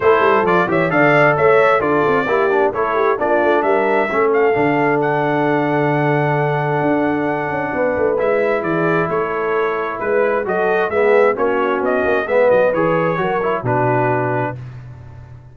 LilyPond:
<<
  \new Staff \with { instrumentName = "trumpet" } { \time 4/4 \tempo 4 = 132 c''4 d''8 e''8 f''4 e''4 | d''2 cis''4 d''4 | e''4. f''4. fis''4~ | fis''1~ |
fis''2 e''4 d''4 | cis''2 b'4 dis''4 | e''4 cis''4 dis''4 e''8 dis''8 | cis''2 b'2 | }
  \new Staff \with { instrumentName = "horn" } { \time 4/4 a'4. cis''8 d''4 cis''4 | a'4 g'4 a'8 g'8 f'4 | ais'4 a'2.~ | a'1~ |
a'4 b'2 gis'4 | a'2 b'4 a'4 | gis'4 fis'2 b'4~ | b'4 ais'4 fis'2 | }
  \new Staff \with { instrumentName = "trombone" } { \time 4/4 e'4 f'8 g'8 a'2 | f'4 e'8 d'8 e'4 d'4~ | d'4 cis'4 d'2~ | d'1~ |
d'2 e'2~ | e'2. fis'4 | b4 cis'2 b4 | gis'4 fis'8 e'8 d'2 | }
  \new Staff \with { instrumentName = "tuba" } { \time 4/4 a8 g8 f8 e8 d4 a4 | d'8 c'8 ais4 a4 ais8 a8 | g4 a4 d2~ | d2. d'4~ |
d'8 cis'8 b8 a8 gis4 e4 | a2 gis4 fis4 | gis4 ais4 b8 ais8 gis8 fis8 | e4 fis4 b,2 | }
>>